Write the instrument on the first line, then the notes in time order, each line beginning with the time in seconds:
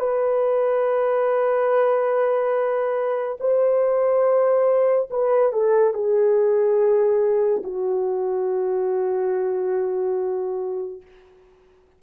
horn
0.00 B4
3.40 C5
5.11 B4
5.53 A4
5.94 G#4
7.64 F#4